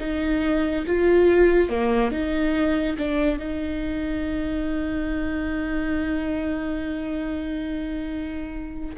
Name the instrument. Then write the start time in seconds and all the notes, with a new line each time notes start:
viola
0.00 D#4
0.87 F4
1.69 A#3
2.11 D#4
2.98 D4
3.39 D#4